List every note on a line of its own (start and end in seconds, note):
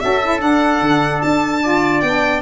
0.00 0.41 C#4
0.00 0.21 F#4
0.00 1.63 A4
0.00 0.40 E5
0.22 0.39 E4
0.39 1.60 D4
0.39 0.80 D4
0.39 1.22 F#5
0.80 1.21 D3
1.22 2.02 D4
1.22 2.01 A5
1.63 2.03 F4
1.63 2.42 D5
2.01 2.42 B3
2.01 2.42 D4
2.01 2.41 G5